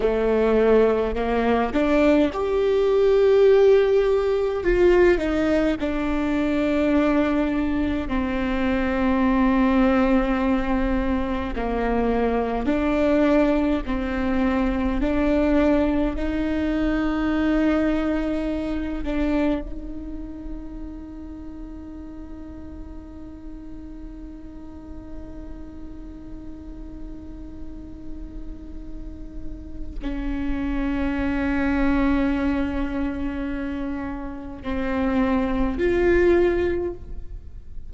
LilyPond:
\new Staff \with { instrumentName = "viola" } { \time 4/4 \tempo 4 = 52 a4 ais8 d'8 g'2 | f'8 dis'8 d'2 c'4~ | c'2 ais4 d'4 | c'4 d'4 dis'2~ |
dis'8 d'8 dis'2.~ | dis'1~ | dis'2 cis'2~ | cis'2 c'4 f'4 | }